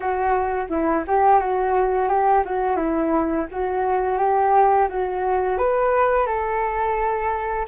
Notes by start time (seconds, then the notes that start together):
0.00 F#4
0.69 E4
1.07 G4
1.39 F#4
2.08 G4
2.45 F#4
2.76 E4
3.51 F#4
4.18 G4
4.89 F#4
5.58 B4
6.26 A4